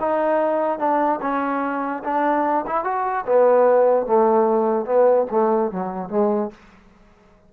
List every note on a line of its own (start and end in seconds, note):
0.00 0.79 D#4
0.79 1.20 D4
1.22 2.03 C#4
2.04 2.65 D4
2.67 2.84 E4
2.84 3.25 F#4
3.27 4.07 B3
4.07 4.86 A3
4.86 5.27 B3
5.31 5.72 A3
5.72 6.10 F#3
6.10 6.51 G#3